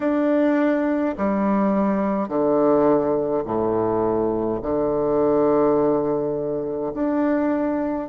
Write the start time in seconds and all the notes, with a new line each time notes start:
0.00 D4
1.17 G3
2.28 D3
3.44 A2
4.62 D3
6.94 D4